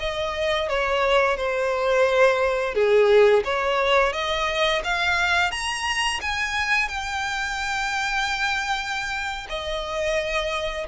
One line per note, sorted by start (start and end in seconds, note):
0.00 0.69 D#5
0.69 1.37 C#5
1.37 2.75 C5
2.75 3.44 G#4
3.45 4.13 C#5
4.13 4.82 D#5
4.84 5.51 F5
5.51 6.20 A#5
6.22 6.89 G#5
6.89 9.48 G5
9.50 10.87 D#5